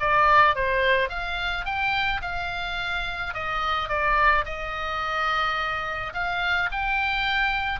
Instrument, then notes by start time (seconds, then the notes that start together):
oboe
0.00 D5
0.55 C5
1.09 F5
1.65 G5
2.22 F5
3.34 D#5
3.89 D5
4.45 D#5
6.14 F5
6.72 G5